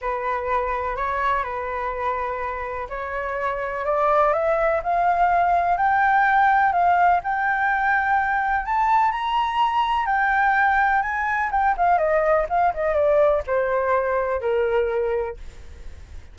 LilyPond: \new Staff \with { instrumentName = "flute" } { \time 4/4 \tempo 4 = 125 b'2 cis''4 b'4~ | b'2 cis''2 | d''4 e''4 f''2 | g''2 f''4 g''4~ |
g''2 a''4 ais''4~ | ais''4 g''2 gis''4 | g''8 f''8 dis''4 f''8 dis''8 d''4 | c''2 ais'2 | }